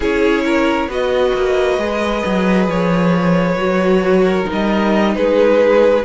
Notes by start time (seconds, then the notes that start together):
0.00 C#4 E4 G#4 C#5
0.44 A#4
0.87 B3 F#4 B4 D#5
1.33 A#3
1.78 G#3 G#4
2.25 F#3
2.68 F3 C#5
3.55 F#3 F#4
4.24 A#4
4.44 D#4
4.52 G3 D#5
5.15 G#3 G#4 B4